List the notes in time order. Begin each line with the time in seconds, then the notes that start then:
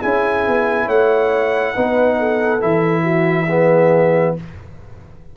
0.00 C#4 E4 G#4 G#5
0.47 B3
0.86 A3 C#5 F#5
1.74 B3 D#4 B4
2.19 A4
2.60 E3 E4 E5
3.03 F#4
3.48 B3 G#4